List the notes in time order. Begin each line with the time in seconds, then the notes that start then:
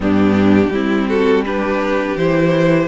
0.00 G2 B3 D4 G4
0.70 G3 C4 E4
1.08 F#4 A4
1.45 D4 G4 B4
2.16 E3 E4 C5